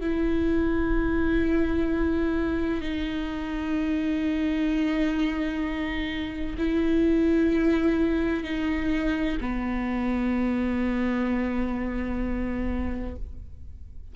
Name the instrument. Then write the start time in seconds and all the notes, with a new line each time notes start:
viola
0.00 E4
2.81 D#4
6.58 E4
8.43 D#4
9.40 B3